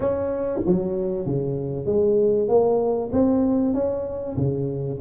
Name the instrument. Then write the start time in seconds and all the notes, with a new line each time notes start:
tuba
0.00 C#4
0.66 F#3
1.26 C#3
1.86 G#3
2.48 A#3
3.12 C4
3.74 C#4
4.36 C#3